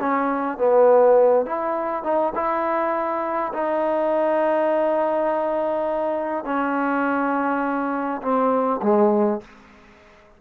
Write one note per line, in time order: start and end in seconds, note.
0.00 0.58 C#4
0.58 1.46 B3
1.46 2.04 E4
2.04 2.33 D#4
2.36 3.53 E4
3.53 6.45 D#4
6.45 8.22 C#4
8.22 8.81 C4
8.83 9.41 G#3